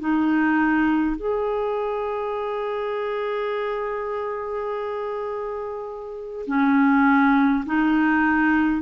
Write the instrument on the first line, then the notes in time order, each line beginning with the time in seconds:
clarinet
0.00 D#4
1.16 G#4
6.47 C#4
7.66 D#4